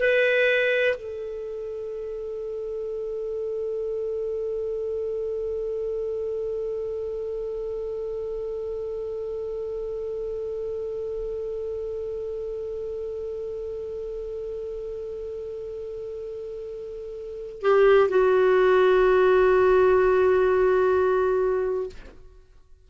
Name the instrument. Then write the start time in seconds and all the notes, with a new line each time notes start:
clarinet
0.00 B4
0.97 A4
17.61 G4
18.09 F#4